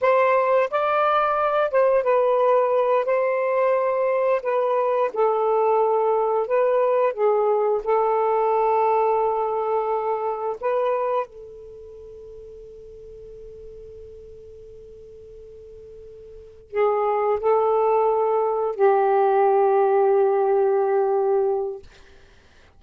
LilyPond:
\new Staff \with { instrumentName = "saxophone" } { \time 4/4 \tempo 4 = 88 c''4 d''4. c''8 b'4~ | b'8 c''2 b'4 a'8~ | a'4. b'4 gis'4 a'8~ | a'2.~ a'8 b'8~ |
b'8 a'2.~ a'8~ | a'1~ | a'8 gis'4 a'2 g'8~ | g'1 | }